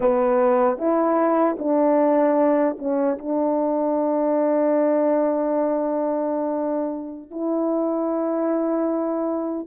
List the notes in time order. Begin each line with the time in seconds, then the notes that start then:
0.00 B3
0.78 E4
1.58 D4
2.78 C#4
3.18 D4
7.30 E4